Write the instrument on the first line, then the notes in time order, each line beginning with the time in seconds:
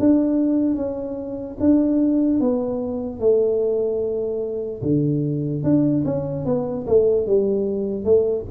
tuba
0.00 D4
0.76 C#4
1.60 D4
2.41 B3
3.20 A3
4.83 D3
5.64 D4
6.06 C#4
6.46 B3
6.87 A3
7.27 G3
8.05 A3